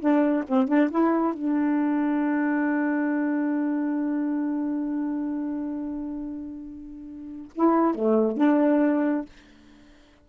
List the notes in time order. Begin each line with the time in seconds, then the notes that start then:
0.00 D4
0.48 C4
0.68 D4
0.90 E4
1.33 D4
7.55 E4
7.95 A3
8.37 D4